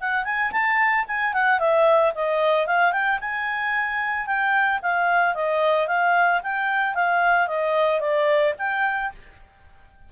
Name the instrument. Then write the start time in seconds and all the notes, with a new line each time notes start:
clarinet
0.00 F#5
0.24 G#5
0.52 A5
1.07 G#5
1.33 F#5
1.59 E5
2.15 D#5
2.66 F5
2.92 G5
3.20 G#5
4.26 G5
4.82 F5
5.34 D#5
5.87 F5
6.43 G5
6.94 F5
7.47 D#5
8.00 D5
8.58 G5